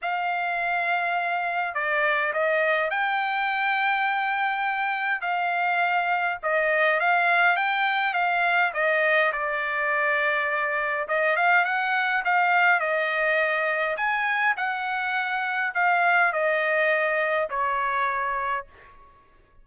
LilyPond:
\new Staff \with { instrumentName = "trumpet" } { \time 4/4 \tempo 4 = 103 f''2. d''4 | dis''4 g''2.~ | g''4 f''2 dis''4 | f''4 g''4 f''4 dis''4 |
d''2. dis''8 f''8 | fis''4 f''4 dis''2 | gis''4 fis''2 f''4 | dis''2 cis''2 | }